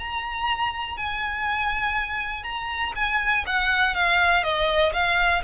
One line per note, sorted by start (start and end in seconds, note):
0.00 0.97 A#5
0.97 2.44 G#5
2.44 2.93 A#5
2.96 3.45 G#5
3.47 3.95 F#5
3.95 4.44 F5
4.44 4.93 D#5
4.93 5.43 F5